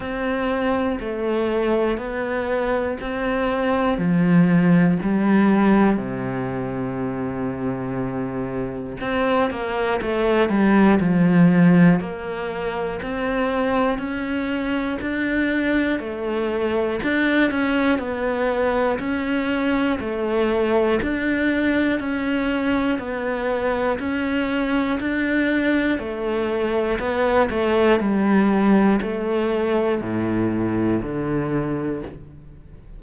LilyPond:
\new Staff \with { instrumentName = "cello" } { \time 4/4 \tempo 4 = 60 c'4 a4 b4 c'4 | f4 g4 c2~ | c4 c'8 ais8 a8 g8 f4 | ais4 c'4 cis'4 d'4 |
a4 d'8 cis'8 b4 cis'4 | a4 d'4 cis'4 b4 | cis'4 d'4 a4 b8 a8 | g4 a4 a,4 d4 | }